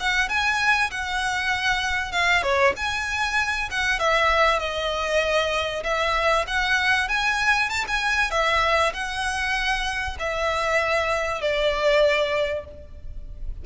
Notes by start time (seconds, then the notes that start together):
0.00 F#5
0.28 G#5
0.91 F#5
2.12 F5
2.42 C#5
2.76 G#5
3.70 F#5
3.99 E5
4.59 D#5
5.83 E5
6.47 F#5
7.08 G#5
7.69 A5
7.87 G#5
8.31 E5
8.93 F#5
10.19 E5
11.41 D5